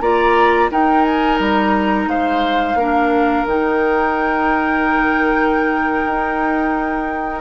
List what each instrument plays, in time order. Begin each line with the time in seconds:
0.00 bassoon A#3, clarinet F4, oboe D5, flute A#5
0.70 clarinet D#4, bassoon D#4, oboe A#4, flute G5
1.04 flute G#5
1.39 bassoon G3, flute A#5
2.06 bassoon G#3, oboe C5, flute F5
2.75 bassoon A#3, clarinet D4, oboe A#4
3.45 bassoon D#3, clarinet D#4, flute G5
6.06 bassoon D#4